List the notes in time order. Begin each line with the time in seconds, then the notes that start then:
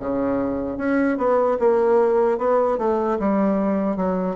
0.00 C#3
0.78 C#4
1.18 B3
1.60 A#3
2.39 B3
2.79 A3
3.20 G3
3.97 F#3